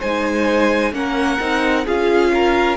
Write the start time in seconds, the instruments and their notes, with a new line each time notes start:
0.00 cello G#3, viola D#4, violin C5 G#5
0.93 cello A#3, viola C#4, violin A#4 F#5
1.40 cello C4, viola D#4
1.85 cello C#4, viola F4, violin G#4 F5
2.34 violin A#4